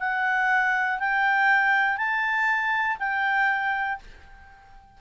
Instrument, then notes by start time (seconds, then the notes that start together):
clarinet
0.00 F#5
1.00 G5
1.97 A5
3.00 G5